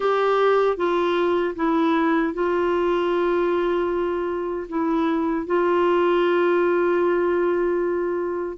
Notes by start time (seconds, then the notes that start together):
0.00 G4
0.76 F4
1.55 E4
2.33 F4
4.68 E4
5.46 F4